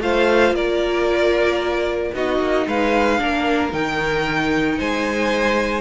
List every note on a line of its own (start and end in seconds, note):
0.00 0.51 A3
0.00 2.13 F4
0.00 0.55 C5
0.00 0.55 F5
0.51 2.11 A#3
0.51 2.14 A#4
0.51 2.14 D5
2.14 2.39 B3
2.14 3.18 D#4
2.14 2.67 F#4
2.14 2.67 D#5
2.39 2.65 A#3
2.67 3.20 G#3
2.67 3.20 B4
2.67 3.73 F5
3.18 3.72 A#3
3.18 3.71 D4
3.18 4.78 A#4
3.71 4.79 D#3
3.71 5.81 D#4
3.71 4.79 G5
4.78 5.81 G#3
4.78 5.81 C5
4.78 5.81 G#5